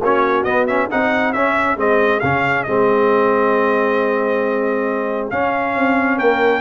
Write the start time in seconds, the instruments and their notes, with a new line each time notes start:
0.00 tuba A#3, trombone C#4, horn F#4, trumpet C#5
0.43 tuba B3, trombone B3, trumpet D#5
0.67 trombone C#4, trumpet E5
0.89 tuba C4, trombone D#4, horn G#4, trumpet F#5
1.32 tuba C#4, trombone C#4, trumpet E5
1.76 tuba G#3, trombone C4, trumpet D#5
2.19 tuba C#3, trombone C#4, trumpet F5
2.63 tuba G#3, trombone C4, trumpet D#5
5.30 tuba C#4, trombone C#4, trumpet F5
5.75 tuba C4
6.17 tuba A#3, horn A#4, trumpet G5